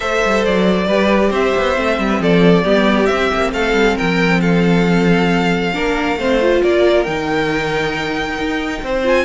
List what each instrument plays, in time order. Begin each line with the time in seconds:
0.00 cello A3, viola A4, violin C5 E5
0.24 cello G3
0.44 cello F#3, violin D5
0.87 cello G3, viola G4, violin B4
1.29 cello C4, violin C5 E5
1.57 cello B3
1.75 cello A3, viola C4
1.98 cello G3
2.09 violin B4
2.20 cello F3, violin A4 D5
2.63 cello G3, viola B3, violin G4
3.06 cello C4, viola C4, violin E5
3.34 cello A#3
3.52 cello A3, violin A4 F5
3.73 cello G3
3.95 cello F3, violin A#4 G5
4.40 violin A4 F5
5.73 cello A#3, viola D4, violin A#4
6.16 cello A3, viola C4, violin C5
6.41 viola F4
6.62 cello A#3, violin A#4 D5
7.03 cello D#3, viola D#4, violin G5
8.38 cello D#4
8.82 cello C4, violin C5
9.03 viola F4, violin G#5